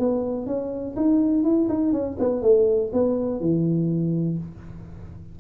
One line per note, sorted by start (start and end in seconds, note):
0.00 0.47 B3
0.47 0.96 C#4
0.96 1.44 D#4
1.44 1.69 E4
1.69 1.93 D#4
1.93 2.17 C#4
2.20 2.43 B3
2.43 2.92 A3
2.93 3.41 B3
3.41 4.38 E3